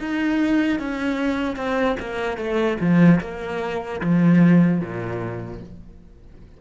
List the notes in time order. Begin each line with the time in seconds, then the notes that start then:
0.00 D#4
0.79 C#4
1.56 C4
2.00 A#3
2.38 A3
2.81 F3
3.21 A#3
4.01 F3
4.81 A#2